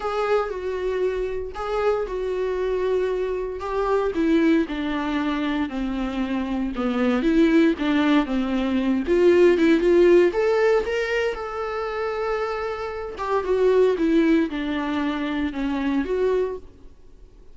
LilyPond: \new Staff \with { instrumentName = "viola" } { \time 4/4 \tempo 4 = 116 gis'4 fis'2 gis'4 | fis'2. g'4 | e'4 d'2 c'4~ | c'4 b4 e'4 d'4 |
c'4. f'4 e'8 f'4 | a'4 ais'4 a'2~ | a'4. g'8 fis'4 e'4 | d'2 cis'4 fis'4 | }